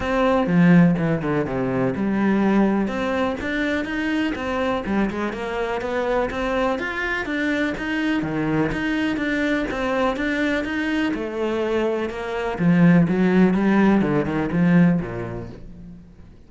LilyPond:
\new Staff \with { instrumentName = "cello" } { \time 4/4 \tempo 4 = 124 c'4 f4 e8 d8 c4 | g2 c'4 d'4 | dis'4 c'4 g8 gis8 ais4 | b4 c'4 f'4 d'4 |
dis'4 dis4 dis'4 d'4 | c'4 d'4 dis'4 a4~ | a4 ais4 f4 fis4 | g4 d8 dis8 f4 ais,4 | }